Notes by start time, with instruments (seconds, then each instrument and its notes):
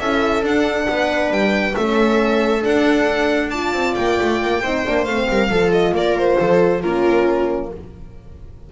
0.00 double bass C#4, horn E4, viola A4, violin E5
0.43 double bass D4, horn D4, violin F#5
0.89 double bass B3, viola B4
1.31 double bass G3, violin G5
1.76 double bass A3, horn C#4, viola A4, violin E5
2.61 horn D4, double bass D4, violin F#5
3.50 horn F4, viola D5, violin A5
3.74 double bass C4
3.95 double bass A#3, violin G5
4.22 double bass A3
4.42 double bass A#3
4.63 double bass C4, horn D#4, viola C5
4.86 double bass A#3, horn D4
5.05 double bass A3, horn C4, violin F5
5.29 double bass G3, viola A#4
5.50 double bass F3, horn F4, viola A4
5.73 violin D#5
5.92 double bass A#3, viola A#4, violin D5
6.18 violin C5
6.40 double bass F3, viola A4
6.82 double bass A#3, horn C#4, viola F4, violin A#4